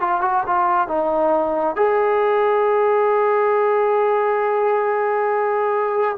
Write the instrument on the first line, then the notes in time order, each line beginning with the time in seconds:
trombone
0.00 F4
0.21 F#4
0.46 F4
0.87 D#4
1.76 G#4